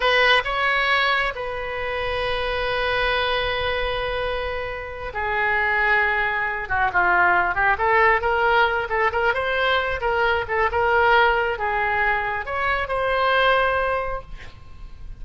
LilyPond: \new Staff \with { instrumentName = "oboe" } { \time 4/4 \tempo 4 = 135 b'4 cis''2 b'4~ | b'1~ | b'2.~ b'8 gis'8~ | gis'2. fis'8 f'8~ |
f'4 g'8 a'4 ais'4. | a'8 ais'8 c''4. ais'4 a'8 | ais'2 gis'2 | cis''4 c''2. | }